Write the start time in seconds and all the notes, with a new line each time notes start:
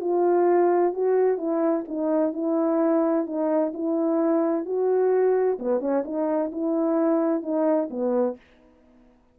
0.00 F4
0.93 F#4
1.38 E4
1.88 D#4
2.33 E4
3.26 D#4
3.74 E4
4.65 F#4
5.59 B3
5.80 C#4
6.04 D#4
6.52 E4
7.42 D#4
7.90 B3